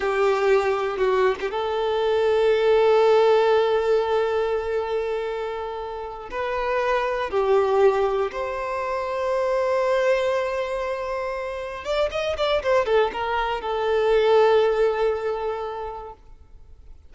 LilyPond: \new Staff \with { instrumentName = "violin" } { \time 4/4 \tempo 4 = 119 g'2 fis'8. g'16 a'4~ | a'1~ | a'1~ | a'8 b'2 g'4.~ |
g'8 c''2.~ c''8~ | c''2.~ c''8 d''8 | dis''8 d''8 c''8 a'8 ais'4 a'4~ | a'1 | }